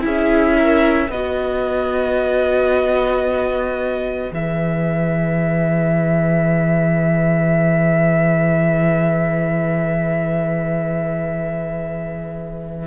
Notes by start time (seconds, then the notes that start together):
0.00 C#4 E4 G#4 E5
0.57 A#4
1.09 B3 F#4 B4 D#5
4.29 E3 G#4 E5